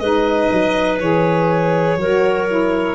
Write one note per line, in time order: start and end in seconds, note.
0.00 0.49 G#3
0.00 1.01 D#4
0.00 1.98 B4
0.00 0.98 D#5
0.52 1.00 F#3
1.00 1.97 E3
1.00 1.99 G#4
1.00 2.95 C#5
1.97 2.95 F#3
1.97 2.48 F#4
1.97 2.95 A#4
2.48 2.95 E4